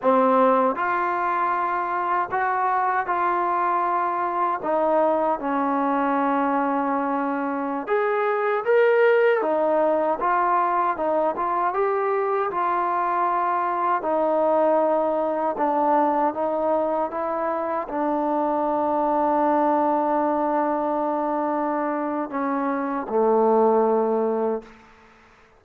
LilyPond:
\new Staff \with { instrumentName = "trombone" } { \time 4/4 \tempo 4 = 78 c'4 f'2 fis'4 | f'2 dis'4 cis'4~ | cis'2~ cis'16 gis'4 ais'8.~ | ais'16 dis'4 f'4 dis'8 f'8 g'8.~ |
g'16 f'2 dis'4.~ dis'16~ | dis'16 d'4 dis'4 e'4 d'8.~ | d'1~ | d'4 cis'4 a2 | }